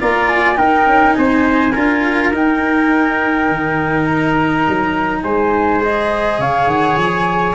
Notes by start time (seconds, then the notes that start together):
0.00 A#3 F4 D5 A#5
0.29 G#5
0.55 D#4 A#4 G5
0.86 C#4
1.14 C4 C5 G#5
1.73 D4 F4 A#4
2.33 D#4 G5
3.49 D#3
4.06 A#5
4.68 F#3
5.23 G#3 C5 G#5
5.80 G#4 D#5
6.39 C#3 C#5 F5
6.66 D#3 F#5
6.97 F3 G#5